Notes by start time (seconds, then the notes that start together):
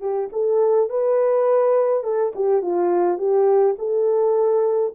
0.00 G4
0.32 A4
0.89 B4
2.03 A4
2.35 G4
2.62 F4
3.18 G4
3.78 A4